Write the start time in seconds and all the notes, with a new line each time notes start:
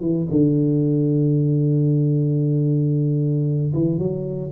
0.00 E3
0.30 D3
3.73 E3
3.98 F#3